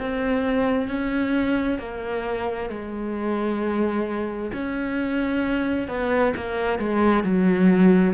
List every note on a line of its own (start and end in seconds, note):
0.00 0.88 C4
0.88 1.79 C#4
1.79 2.70 A#3
2.70 4.52 G#3
4.54 5.88 C#4
5.88 6.34 B3
6.36 6.79 A#3
6.79 7.24 G#3
7.24 8.14 F#3